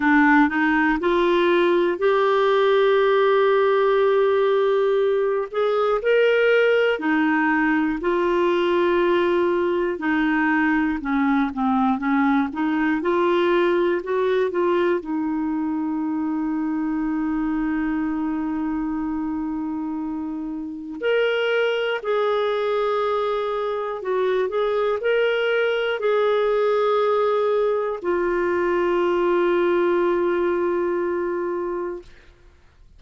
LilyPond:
\new Staff \with { instrumentName = "clarinet" } { \time 4/4 \tempo 4 = 60 d'8 dis'8 f'4 g'2~ | g'4. gis'8 ais'4 dis'4 | f'2 dis'4 cis'8 c'8 | cis'8 dis'8 f'4 fis'8 f'8 dis'4~ |
dis'1~ | dis'4 ais'4 gis'2 | fis'8 gis'8 ais'4 gis'2 | f'1 | }